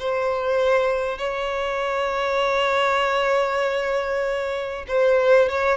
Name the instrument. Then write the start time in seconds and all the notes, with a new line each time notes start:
violin
0.00 C5
1.19 C#5
4.88 C5
5.49 C#5